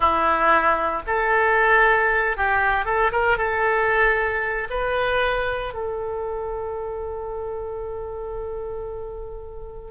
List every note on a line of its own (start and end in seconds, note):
0.00 1.02 E4
1.06 2.36 A4
2.36 2.85 G4
2.85 3.11 A4
3.12 3.37 A#4
3.37 4.68 A4
4.70 5.73 B4
5.73 9.91 A4